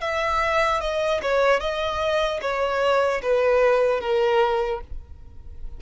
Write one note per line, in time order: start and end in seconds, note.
0.00 0.80 E5
0.80 1.20 D#5
1.22 1.60 C#5
1.60 2.40 D#5
2.41 3.21 C#5
3.22 4.00 B4
4.00 4.80 A#4